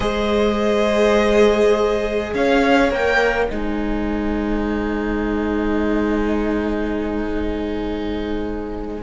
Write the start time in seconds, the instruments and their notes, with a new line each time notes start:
0.00 cello G#3, viola G#4, violin C5 D#5
2.34 cello C#4, violin C#5 F5
2.90 cello A#3, viola A#4, violin G5
3.49 cello G#3, viola D#4, violin C5 G#5